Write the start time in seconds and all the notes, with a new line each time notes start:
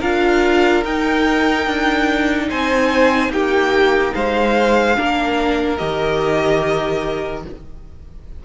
0.00 D4 F4 A#4 F5
0.85 D#4 G5
1.67 D4
2.50 C4 C5 G#5
3.30 A#3 G4 G5
4.15 G#3 C5 F5
4.96 A#3 D4 A#4
5.78 D#3 G4 D#5